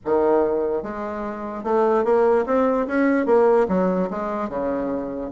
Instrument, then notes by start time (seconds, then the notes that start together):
bassoon
0.05 D#3
0.82 G#3
1.63 A3
2.04 A#3
2.46 C4
2.87 C#4
3.25 A#3
3.68 F#3
4.10 G#3
4.49 C#3